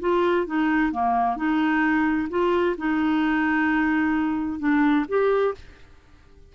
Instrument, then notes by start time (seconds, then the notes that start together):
clarinet
0.00 F4
0.46 D#4
0.92 A#3
1.36 D#4
2.30 F4
2.78 D#4
4.59 D4
5.08 G4